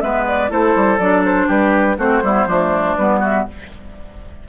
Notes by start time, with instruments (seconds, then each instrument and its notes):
0.00 bassoon G#3, clarinet B3, oboe B4, flute E5
0.27 flute D5
0.49 bassoon A3, clarinet E4, oboe A4, flute C5
0.75 bassoon G3
0.98 bassoon F#3, clarinet D4, flute D5
1.24 flute C5
1.47 bassoon G3, oboe G4, flute B4
1.97 bassoon A3, clarinet C4, oboe F#4, flute C5
2.22 bassoon G3, clarinet B3, oboe E4
2.46 bassoon F3, clarinet A3, oboe D4
2.95 bassoon G3, clarinet B3, flute B4
3.20 oboe F#4, flute E5